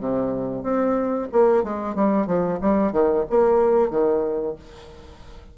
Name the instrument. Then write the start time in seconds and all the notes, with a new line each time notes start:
bassoon
0.00 C3
0.63 C4
1.33 A#3
1.63 G#3
1.95 G3
2.27 F3
2.61 G3
2.93 D#3
3.30 A#3
3.90 D#3